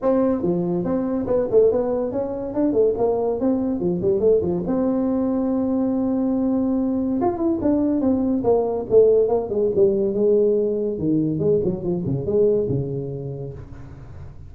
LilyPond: \new Staff \with { instrumentName = "tuba" } { \time 4/4 \tempo 4 = 142 c'4 f4 c'4 b8 a8 | b4 cis'4 d'8 a8 ais4 | c'4 f8 g8 a8 f8 c'4~ | c'1~ |
c'4 f'8 e'8 d'4 c'4 | ais4 a4 ais8 gis8 g4 | gis2 dis4 gis8 fis8 | f8 cis8 gis4 cis2 | }